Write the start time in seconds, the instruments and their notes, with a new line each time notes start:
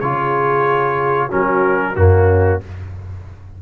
0.00 tuba C#3, trombone F4, horn G#4, trumpet C#5
1.27 tuba F#3, trombone C#4, horn F#4, trumpet A#4
1.95 tuba F#2, trombone A#3, horn C#4, trumpet F#4